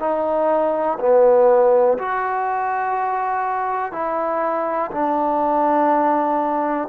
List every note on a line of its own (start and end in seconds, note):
0.00 0.98 D#4
0.99 1.98 B3
1.98 3.92 F#4
3.92 4.90 E4
4.91 6.88 D4